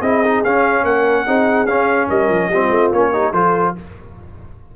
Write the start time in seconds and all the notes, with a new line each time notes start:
0.00 C4 E4 G#4 D#5
0.25 D#4
0.45 C#4 F5
0.84 A#3 A#4 F#5
1.26 C4 D#4 G#4
1.66 C#4 F5
2.08 G3 A#4 D#5
2.29 F3
2.49 G3 C4 F4
2.71 A3
2.93 A#3 C#4 C#5
3.12 D#4 G4
3.33 F3 F4 A4 C5